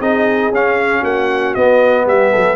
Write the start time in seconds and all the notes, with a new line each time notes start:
0.00 C4 D#4 G#4 D#5
0.51 C#4 F5
1.01 A#3 F#4 F#5
1.55 B3 D#5
2.06 G3 G4 E5
2.32 F#3 A4